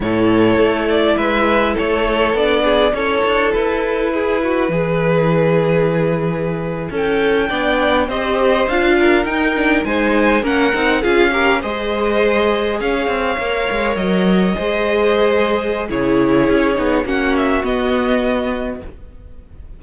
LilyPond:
<<
  \new Staff \with { instrumentName = "violin" } { \time 4/4 \tempo 4 = 102 cis''4. d''8 e''4 cis''4 | d''4 cis''4 b'2~ | b'2.~ b'8. g''16~ | g''4.~ g''16 dis''4 f''4 g''16~ |
g''8. gis''4 fis''4 f''4 dis''16~ | dis''4.~ dis''16 f''2 dis''16~ | dis''2. cis''4~ | cis''4 fis''8 e''8 dis''2 | }
  \new Staff \with { instrumentName = "violin" } { \time 4/4 a'2 b'4 a'4~ | a'8 gis'8 a'2 gis'8 fis'8 | gis'2.~ gis'8. a'16~ | a'8. d''4 c''4. ais'8.~ |
ais'8. c''4 ais'4 gis'8 ais'8 c''16~ | c''4.~ c''16 cis''2~ cis''16~ | cis''8. c''2~ c''16 gis'4~ | gis'4 fis'2. | }
  \new Staff \with { instrumentName = "viola" } { \time 4/4 e'1 | d'4 e'2.~ | e'1~ | e'8. d'4 g'4 f'4 dis'16~ |
dis'16 d'8 dis'4 cis'8 dis'8 f'8 g'8 gis'16~ | gis'2~ gis'8. ais'4~ ais'16~ | ais'8. gis'2~ gis'16 e'4~ | e'8 dis'8 cis'4 b2 | }
  \new Staff \with { instrumentName = "cello" } { \time 4/4 a,4 a4 gis4 a4 | b4 cis'8 d'8 e'2 | e2.~ e8. cis'16~ | cis'8. b4 c'4 d'4 dis'16~ |
dis'8. gis4 ais8 c'8 cis'4 gis16~ | gis4.~ gis16 cis'8 c'8 ais8 gis8 fis16~ | fis8. gis2~ gis16 cis4 | cis'8 b8 ais4 b2 | }
>>